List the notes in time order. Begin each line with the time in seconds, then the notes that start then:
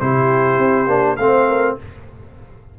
0.00 C3 E4 G4 C5
0.58 C4
0.87 A#3 D4
1.16 A3 C4 C5 F5
1.48 A#4